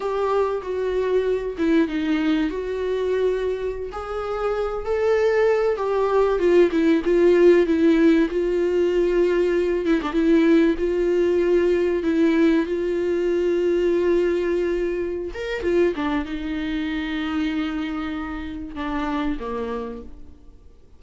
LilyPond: \new Staff \with { instrumentName = "viola" } { \time 4/4 \tempo 4 = 96 g'4 fis'4. e'8 dis'4 | fis'2~ fis'16 gis'4. a'16~ | a'4~ a'16 g'4 f'8 e'8 f'8.~ | f'16 e'4 f'2~ f'8 e'16 |
d'16 e'4 f'2 e'8.~ | e'16 f'2.~ f'8.~ | f'8 ais'8 f'8 d'8 dis'2~ | dis'2 d'4 ais4 | }